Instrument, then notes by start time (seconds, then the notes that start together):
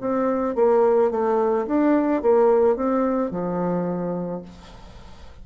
bassoon
0.00 C4
0.55 A#3
1.11 A3
1.67 D4
2.22 A#3
2.76 C4
3.31 F3